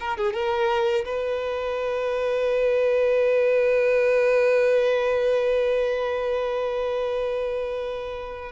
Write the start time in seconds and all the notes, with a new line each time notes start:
0.00 A#4
0.17 G#4
0.33 A#4
1.05 B4